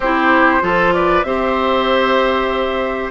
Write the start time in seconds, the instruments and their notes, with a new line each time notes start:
0.00 bassoon C4, clarinet E4, oboe G4, flute C5
0.61 bassoon F3, clarinet F4, oboe A4
0.93 oboe B4, flute D5
1.23 bassoon C4, clarinet G4, oboe C5, flute E5